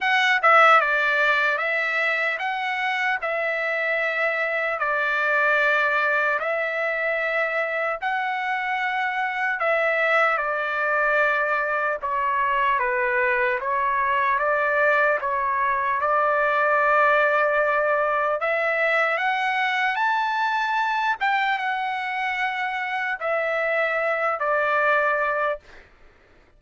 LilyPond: \new Staff \with { instrumentName = "trumpet" } { \time 4/4 \tempo 4 = 75 fis''8 e''8 d''4 e''4 fis''4 | e''2 d''2 | e''2 fis''2 | e''4 d''2 cis''4 |
b'4 cis''4 d''4 cis''4 | d''2. e''4 | fis''4 a''4. g''8 fis''4~ | fis''4 e''4. d''4. | }